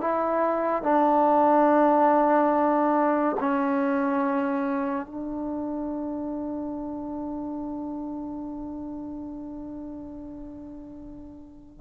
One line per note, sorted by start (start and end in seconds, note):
0.00 0.82 E4
0.82 3.36 D4
3.39 5.06 C#4
5.06 11.81 D4